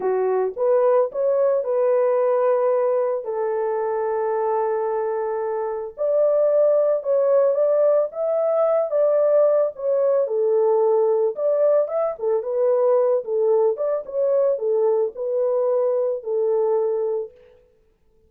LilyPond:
\new Staff \with { instrumentName = "horn" } { \time 4/4 \tempo 4 = 111 fis'4 b'4 cis''4 b'4~ | b'2 a'2~ | a'2. d''4~ | d''4 cis''4 d''4 e''4~ |
e''8 d''4. cis''4 a'4~ | a'4 d''4 e''8 a'8 b'4~ | b'8 a'4 d''8 cis''4 a'4 | b'2 a'2 | }